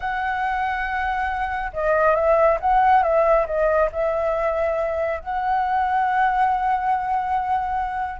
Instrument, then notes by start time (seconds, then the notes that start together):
flute
0.00 F#5
1.73 D#5
2.15 E5
2.60 F#5
3.03 E5
3.46 D#5
3.92 E5
5.20 F#5